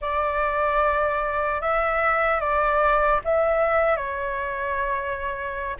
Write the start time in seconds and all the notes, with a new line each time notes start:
0.01 D5
1.61 E5
2.40 D5
3.24 E5
3.96 C#5